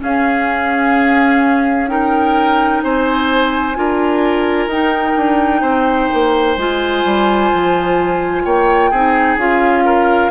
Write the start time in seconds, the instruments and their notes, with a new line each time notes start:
0.00 clarinet C#4, bassoon C#4, oboe G#4, flute F5
1.88 clarinet D#4, oboe A#4, flute G5
2.83 bassoon C4, oboe C5, flute G#5
3.76 bassoon D4, clarinet F4, oboe A#4
4.67 bassoon D#4, clarinet D#4, flute G5
5.17 bassoon D4
5.62 bassoon C4, oboe C5
6.13 bassoon A#3
6.57 bassoon G#3, clarinet F4, flute G#5
7.05 bassoon G3
7.54 bassoon F3
8.45 bassoon A#3, oboe C#5, flute G5
8.91 bassoon C4, clarinet D#4, oboe G#4
9.37 bassoon C#4, clarinet F4, flute F5
9.85 oboe A#4